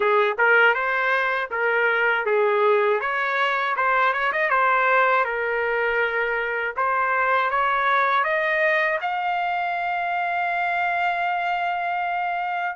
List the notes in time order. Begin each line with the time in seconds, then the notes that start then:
0.00 G#4
0.38 A#4
0.74 C5
1.50 A#4
2.25 G#4
3.00 C#5
3.76 C5
4.13 C#5
4.32 D#5
4.49 C5
5.25 A#4
6.76 C5
7.50 C#5
8.24 D#5
9.01 F5